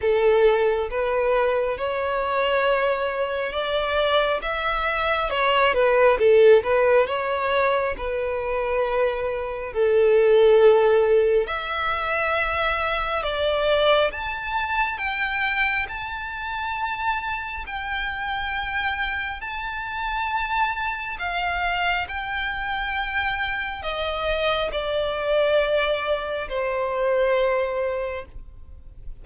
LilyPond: \new Staff \with { instrumentName = "violin" } { \time 4/4 \tempo 4 = 68 a'4 b'4 cis''2 | d''4 e''4 cis''8 b'8 a'8 b'8 | cis''4 b'2 a'4~ | a'4 e''2 d''4 |
a''4 g''4 a''2 | g''2 a''2 | f''4 g''2 dis''4 | d''2 c''2 | }